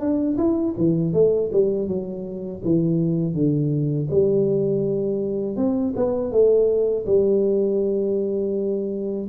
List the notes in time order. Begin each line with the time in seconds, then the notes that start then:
0.00 D4
0.37 E4
0.78 E3
1.13 A3
1.52 G3
1.88 F#3
2.65 E3
3.34 D3
4.10 G3
5.57 C4
5.96 B3
6.32 A3
7.06 G3